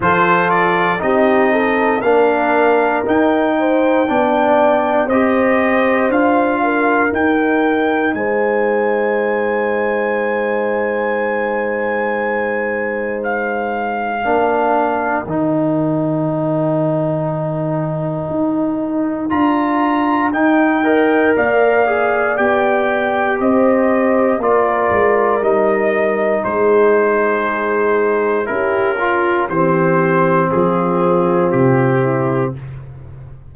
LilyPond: <<
  \new Staff \with { instrumentName = "trumpet" } { \time 4/4 \tempo 4 = 59 c''8 d''8 dis''4 f''4 g''4~ | g''4 dis''4 f''4 g''4 | gis''1~ | gis''4 f''2 g''4~ |
g''2. ais''4 | g''4 f''4 g''4 dis''4 | d''4 dis''4 c''2 | ais'4 c''4 gis'4 g'4 | }
  \new Staff \with { instrumentName = "horn" } { \time 4/4 a'4 g'8 a'8 ais'4. c''8 | d''4 c''4. ais'4. | c''1~ | c''2 ais'2~ |
ais'1~ | ais'8 dis''8 d''2 c''4 | ais'2 gis'2 | g'8 f'8 g'4 f'4. e'8 | }
  \new Staff \with { instrumentName = "trombone" } { \time 4/4 f'4 dis'4 d'4 dis'4 | d'4 g'4 f'4 dis'4~ | dis'1~ | dis'2 d'4 dis'4~ |
dis'2. f'4 | dis'8 ais'4 gis'8 g'2 | f'4 dis'2. | e'8 f'8 c'2. | }
  \new Staff \with { instrumentName = "tuba" } { \time 4/4 f4 c'4 ais4 dis'4 | b4 c'4 d'4 dis'4 | gis1~ | gis2 ais4 dis4~ |
dis2 dis'4 d'4 | dis'4 ais4 b4 c'4 | ais8 gis8 g4 gis2 | cis'4 e4 f4 c4 | }
>>